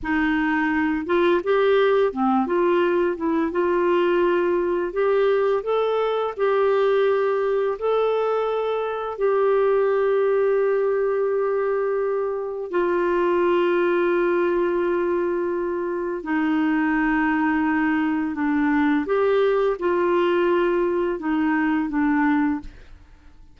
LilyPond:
\new Staff \with { instrumentName = "clarinet" } { \time 4/4 \tempo 4 = 85 dis'4. f'8 g'4 c'8 f'8~ | f'8 e'8 f'2 g'4 | a'4 g'2 a'4~ | a'4 g'2.~ |
g'2 f'2~ | f'2. dis'4~ | dis'2 d'4 g'4 | f'2 dis'4 d'4 | }